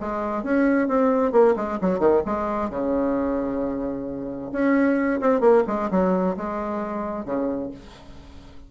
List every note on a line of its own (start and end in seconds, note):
0.00 0.43 G#3
0.43 0.88 C#4
0.88 1.32 C4
1.32 1.55 A#3
1.56 1.79 G#3
1.81 1.99 F#3
1.99 2.22 D#3
2.25 2.70 G#3
2.70 4.52 C#3
4.52 5.20 C#4
5.21 5.40 C4
5.40 5.63 A#3
5.67 5.90 G#3
5.90 6.36 F#3
6.37 7.25 G#3
7.25 7.70 C#3